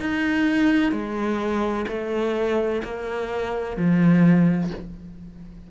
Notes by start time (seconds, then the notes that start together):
0.00 D#4
0.92 G#3
1.88 A3
2.84 A#3
3.77 F3